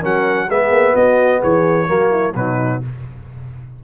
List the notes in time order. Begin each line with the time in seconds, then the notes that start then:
0.00 F#3 C#4 A#4 F#5
0.48 G#3 B3 G#4 E5
0.70 A#3
0.95 B3 F#4 D#5
1.40 E3 G#4 C#5
1.87 F#3 A#3 F#4
2.11 E4
2.35 B2 F#3 D#4 B4